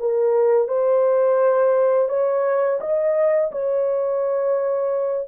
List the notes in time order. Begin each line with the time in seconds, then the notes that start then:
0.00 A#4
0.68 C5
2.09 C#5
2.81 D#5
3.52 C#5